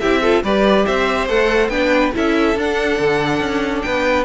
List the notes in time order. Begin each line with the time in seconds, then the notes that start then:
0.00 C4 E4 G4 E5
0.22 F4 A4
0.43 G3 G4 B4 D5
0.86 C4 C5 E5
1.29 A3 A4 F#5
1.69 B3 D4 B4 G5
2.14 C#4 E4 A4 E5
2.56 D4 F#5
2.99 D3
3.40 C#4
3.82 B3 B4 G5